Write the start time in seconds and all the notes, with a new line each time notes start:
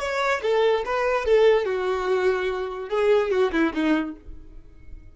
0.00 C#5
0.43 A4
0.86 B4
1.26 A4
1.66 F#4
2.89 G#4
3.31 F#4
3.52 E4
3.74 D#4